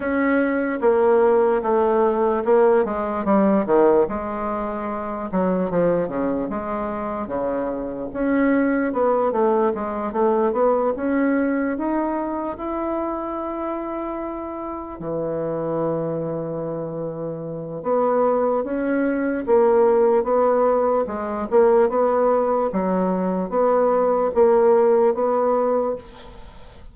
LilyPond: \new Staff \with { instrumentName = "bassoon" } { \time 4/4 \tempo 4 = 74 cis'4 ais4 a4 ais8 gis8 | g8 dis8 gis4. fis8 f8 cis8 | gis4 cis4 cis'4 b8 a8 | gis8 a8 b8 cis'4 dis'4 e'8~ |
e'2~ e'8 e4.~ | e2 b4 cis'4 | ais4 b4 gis8 ais8 b4 | fis4 b4 ais4 b4 | }